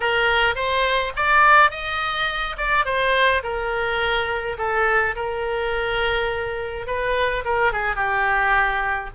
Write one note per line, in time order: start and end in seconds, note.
0.00 0.55 A#4
0.55 1.12 C5
1.16 1.70 D5
1.70 2.56 D#5
2.57 2.85 D5
2.85 3.42 C5
3.43 4.57 A#4
4.58 5.15 A4
5.15 6.86 A#4
6.86 7.43 B4
7.44 7.72 A#4
7.72 7.95 G#4
7.95 9.10 G4